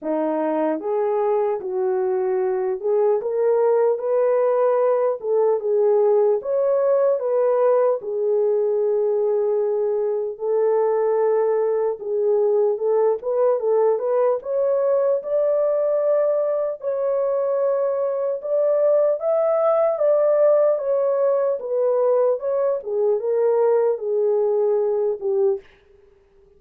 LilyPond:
\new Staff \with { instrumentName = "horn" } { \time 4/4 \tempo 4 = 75 dis'4 gis'4 fis'4. gis'8 | ais'4 b'4. a'8 gis'4 | cis''4 b'4 gis'2~ | gis'4 a'2 gis'4 |
a'8 b'8 a'8 b'8 cis''4 d''4~ | d''4 cis''2 d''4 | e''4 d''4 cis''4 b'4 | cis''8 gis'8 ais'4 gis'4. g'8 | }